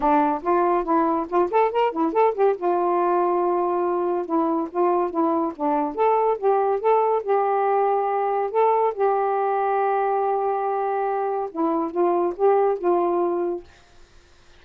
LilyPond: \new Staff \with { instrumentName = "saxophone" } { \time 4/4 \tempo 4 = 141 d'4 f'4 e'4 f'8 a'8 | ais'8 e'8 a'8 g'8 f'2~ | f'2 e'4 f'4 | e'4 d'4 a'4 g'4 |
a'4 g'2. | a'4 g'2.~ | g'2. e'4 | f'4 g'4 f'2 | }